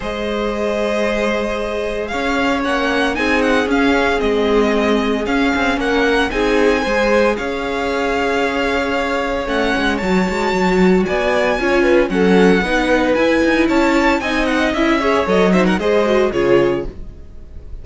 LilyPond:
<<
  \new Staff \with { instrumentName = "violin" } { \time 4/4 \tempo 4 = 114 dis''1 | f''4 fis''4 gis''8 fis''8 f''4 | dis''2 f''4 fis''4 | gis''2 f''2~ |
f''2 fis''4 a''4~ | a''4 gis''2 fis''4~ | fis''4 gis''4 a''4 gis''8 fis''8 | e''4 dis''8 e''16 fis''16 dis''4 cis''4 | }
  \new Staff \with { instrumentName = "violin" } { \time 4/4 c''1 | cis''2 gis'2~ | gis'2. ais'4 | gis'4 c''4 cis''2~ |
cis''1~ | cis''4 d''4 cis''8 b'8 a'4 | b'2 cis''4 dis''4~ | dis''8 cis''4 c''16 ais'16 c''4 gis'4 | }
  \new Staff \with { instrumentName = "viola" } { \time 4/4 gis'1~ | gis'4 cis'4 dis'4 cis'4 | c'2 cis'2 | dis'4 gis'2.~ |
gis'2 cis'4 fis'4~ | fis'2 f'4 cis'4 | dis'4 e'2 dis'4 | e'8 gis'8 a'8 dis'8 gis'8 fis'8 f'4 | }
  \new Staff \with { instrumentName = "cello" } { \time 4/4 gis1 | cis'4 ais4 c'4 cis'4 | gis2 cis'8 c'8 ais4 | c'4 gis4 cis'2~ |
cis'2 a8 gis8 fis8 gis8 | fis4 b4 cis'4 fis4 | b4 e'8 dis'8 cis'4 c'4 | cis'4 fis4 gis4 cis4 | }
>>